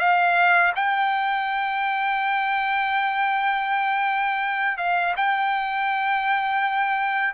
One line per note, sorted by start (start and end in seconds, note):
0.00 0.73 F5
0.76 4.78 G5
4.78 5.15 F5
5.17 7.34 G5